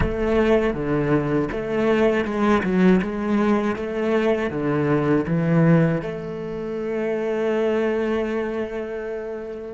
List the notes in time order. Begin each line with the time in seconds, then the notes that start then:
0.00 A3
0.73 D3
1.51 A3
2.25 G#3
2.63 F#3
3.02 G#3
3.76 A3
4.50 D3
5.27 E3
6.01 A3